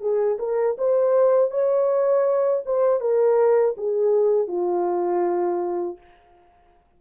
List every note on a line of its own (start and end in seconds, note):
0.00 0.38 G#4
0.39 0.76 A#4
0.77 1.50 C5
1.50 2.63 C#5
2.65 3.00 C5
3.00 3.75 A#4
3.77 4.47 G#4
4.47 5.97 F4